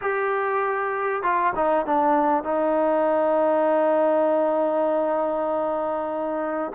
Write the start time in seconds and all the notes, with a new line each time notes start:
0.01 G4
1.22 F4
1.55 D#4
1.86 D4
2.43 D#4